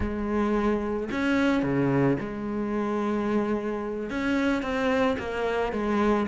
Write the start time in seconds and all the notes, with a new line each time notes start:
0.00 G#3
1.11 C#4
1.62 C#3
2.20 G#3
4.10 C#4
4.62 C4
5.18 A#3
5.72 G#3